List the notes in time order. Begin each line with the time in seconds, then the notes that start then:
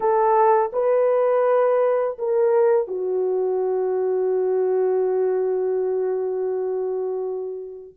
0.00 A4
0.72 B4
2.18 A#4
2.87 F#4